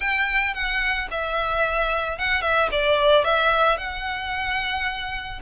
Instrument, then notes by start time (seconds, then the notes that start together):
violin
0.00 G5
0.54 F#5
1.10 E5
2.18 F#5
2.41 E5
2.71 D5
3.24 E5
3.77 F#5